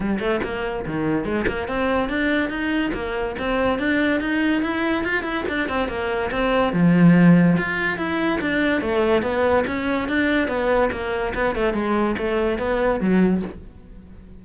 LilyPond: \new Staff \with { instrumentName = "cello" } { \time 4/4 \tempo 4 = 143 g8 a8 ais4 dis4 gis8 ais8 | c'4 d'4 dis'4 ais4 | c'4 d'4 dis'4 e'4 | f'8 e'8 d'8 c'8 ais4 c'4 |
f2 f'4 e'4 | d'4 a4 b4 cis'4 | d'4 b4 ais4 b8 a8 | gis4 a4 b4 fis4 | }